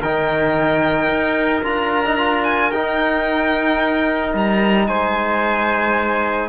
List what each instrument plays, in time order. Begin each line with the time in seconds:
0.00 cello D#3, trombone D#4, trumpet A#4, violin G5
1.08 cello D#4
1.63 cello D4, trombone F4, violin A#5
2.05 trombone D#4
2.17 trombone F4
2.44 violin G#5
2.70 cello D#4, trombone D#4, violin G5
4.34 cello G3, violin A#5
4.87 cello G#3, trumpet C5, violin G#5